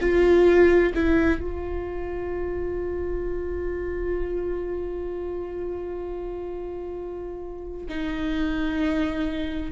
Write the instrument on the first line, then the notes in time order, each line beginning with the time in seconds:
viola
0.00 F4
0.94 E4
1.40 F4
7.89 D#4